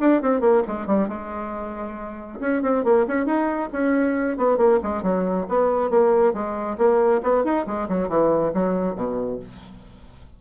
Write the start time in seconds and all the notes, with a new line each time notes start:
0.00 D4
0.22 C4
0.41 A#3
0.67 G#3
0.87 G3
1.08 G#3
2.40 C#4
2.62 C4
2.84 A#3
3.07 C#4
3.26 D#4
3.73 C#4
4.38 B3
4.57 A#3
4.83 G#3
5.03 F#3
5.49 B3
5.90 A#3
6.33 G#3
6.78 A#3
7.23 B3
7.44 D#4
7.67 G#3
7.89 F#3
8.09 E3
8.54 F#3
8.96 B2